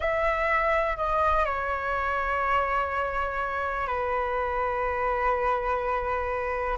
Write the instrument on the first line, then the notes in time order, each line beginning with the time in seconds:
flute
0.00 E5
0.96 D#5
1.45 C#5
3.87 B4